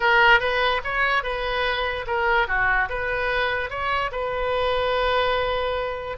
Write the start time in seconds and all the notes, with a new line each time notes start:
0.00 A#4
0.40 B4
0.84 C#5
1.23 B4
2.07 A#4
2.47 F#4
2.89 B4
3.69 C#5
4.11 B4